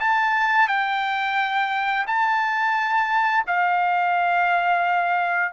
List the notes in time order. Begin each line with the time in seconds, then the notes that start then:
0.00 A5
0.68 G5
2.07 A5
3.47 F5